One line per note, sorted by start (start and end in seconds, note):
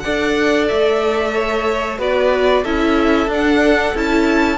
0.00 0.71 D4
0.00 1.99 A4
0.00 1.34 D5
0.00 0.65 F#5
0.68 1.99 A3
0.68 1.99 E5
1.35 1.99 C#5
1.99 2.64 B3
1.99 2.65 F#4
1.99 2.64 B4
1.99 2.65 D5
2.64 3.28 C#4
2.64 3.29 E4
2.64 4.59 A4
2.64 3.30 E5
3.28 3.93 D4
3.28 3.95 D4
3.34 3.98 F#5
3.95 4.59 C#4
3.95 4.59 E4
3.95 4.59 A5